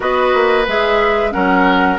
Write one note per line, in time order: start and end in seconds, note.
0.00 0.33 B3
0.00 0.63 F#4
0.00 1.33 B4
0.00 0.67 D#5
0.34 0.67 A#3
0.67 1.34 G#3
0.67 1.31 G#4
0.67 1.32 E5
1.31 1.99 F#3
1.31 1.97 C#4
1.31 1.99 A#4
1.31 1.98 F#5